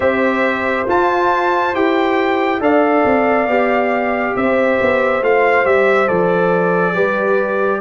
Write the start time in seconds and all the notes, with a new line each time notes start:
0.00 C4 G4 C5 E5
0.87 F4 A5
1.74 E4 G4 G5
2.60 D4 A4 D5 F5
3.05 C4
3.47 B3 G4
4.36 C4 C5 E5
4.81 B3
5.22 A3 F4 F5
5.65 G3 G4 E5
6.07 F3 A4 D5
6.94 G3 G4 B4